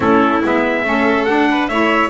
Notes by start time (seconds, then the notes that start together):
0.00 A3 C#4 E4 A4
0.43 G#3 B3 E5
0.84 A3 C#4 A4
1.25 D4 F#5
1.50 B4
1.67 A3 E4 C#5 E5